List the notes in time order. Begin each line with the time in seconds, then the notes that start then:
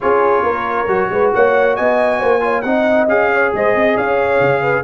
0.00 C#4 F4 G#4 C#5
0.43 A#3 A#4
0.87 F#3 F#4
1.09 G#3 B4
1.34 A#3 C#5 F#5
1.76 B3 D#5 G#5
2.19 A#3 C5
2.40 F4 C#5
2.61 C4 D#4 D#5 F#5
3.08 C#4 G#4 F5
3.32 C#5
3.53 G#3 C5 D#5
3.74 C4 D#5
3.97 C#4 C#5 F5
4.40 C#3
4.61 B4